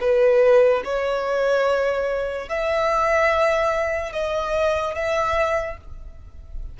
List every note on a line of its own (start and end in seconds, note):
0.00 0.82 B4
0.84 2.48 C#5
2.48 4.12 E5
4.12 4.94 D#5
4.94 5.76 E5